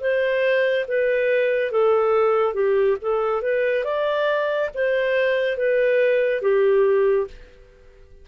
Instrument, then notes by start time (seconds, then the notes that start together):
clarinet
0.00 C5
0.88 B4
1.72 A4
2.54 G4
3.02 A4
3.42 B4
3.85 D5
4.75 C5
5.58 B4
6.42 G4